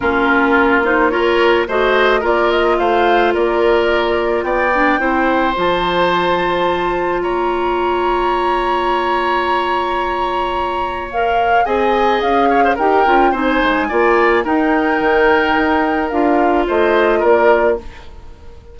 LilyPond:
<<
  \new Staff \with { instrumentName = "flute" } { \time 4/4 \tempo 4 = 108 ais'4. c''8 cis''4 dis''4 | d''8 dis''8 f''4 d''2 | g''2 a''2~ | a''4 ais''2.~ |
ais''1 | f''4 gis''4 f''4 g''4 | gis''2 g''2~ | g''4 f''4 dis''4 d''4 | }
  \new Staff \with { instrumentName = "oboe" } { \time 4/4 f'2 ais'4 c''4 | ais'4 c''4 ais'2 | d''4 c''2.~ | c''4 cis''2.~ |
cis''1~ | cis''4 dis''4. cis''16 c''16 ais'4 | c''4 d''4 ais'2~ | ais'2 c''4 ais'4 | }
  \new Staff \with { instrumentName = "clarinet" } { \time 4/4 cis'4. dis'8 f'4 fis'4 | f'1~ | f'8 d'8 e'4 f'2~ | f'1~ |
f'1 | ais'4 gis'2 g'8 f'8 | dis'4 f'4 dis'2~ | dis'4 f'2. | }
  \new Staff \with { instrumentName = "bassoon" } { \time 4/4 ais2. a4 | ais4 a4 ais2 | b4 c'4 f2~ | f4 ais2.~ |
ais1~ | ais4 c'4 cis'4 dis'8 cis'8 | c'8 gis8 ais4 dis'4 dis4 | dis'4 d'4 a4 ais4 | }
>>